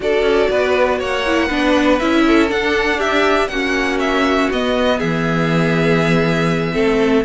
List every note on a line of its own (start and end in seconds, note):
0.00 0.22 D4
0.00 1.25 F#4
0.00 0.50 A4
0.00 1.01 D5
0.22 0.47 C#4
0.50 1.00 B3
0.50 0.99 B4
0.99 1.50 A#3
0.99 1.46 C#5
0.99 1.98 F#5
1.26 1.49 E4
1.46 2.00 B3
1.46 1.99 D4
1.46 2.21 B4
1.98 2.51 C#4
1.98 2.48 E4
1.98 2.48 E5
2.26 2.97 A4
2.48 3.48 D4
2.48 3.49 D4
2.48 3.00 F#5
2.97 3.47 G4
2.97 3.48 E5
3.48 4.49 A#3
3.48 4.52 C#4
3.48 4.97 F#4
3.48 3.98 F#5
3.99 4.49 E5
4.51 5.01 B3
4.51 6.72 B3
4.51 4.99 D#5
4.97 6.76 E3
4.97 6.72 G#4
4.97 7.24 E5
6.72 7.24 A3
6.72 7.22 C4
6.72 7.23 A4